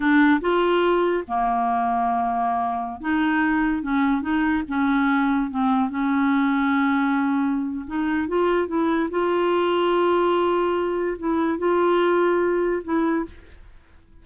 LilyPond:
\new Staff \with { instrumentName = "clarinet" } { \time 4/4 \tempo 4 = 145 d'4 f'2 ais4~ | ais2.~ ais16 dis'8.~ | dis'4~ dis'16 cis'4 dis'4 cis'8.~ | cis'4~ cis'16 c'4 cis'4.~ cis'16~ |
cis'2. dis'4 | f'4 e'4 f'2~ | f'2. e'4 | f'2. e'4 | }